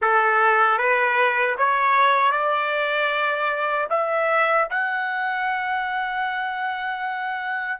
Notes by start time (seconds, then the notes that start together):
0.01 A4
0.78 B4
1.57 C#5
2.31 D5
3.89 E5
4.70 F#5